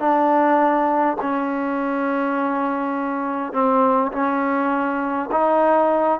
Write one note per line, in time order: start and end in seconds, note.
0.00 1.18 D4
1.21 3.53 C#4
3.53 4.12 C4
4.12 5.30 C#4
5.32 6.20 D#4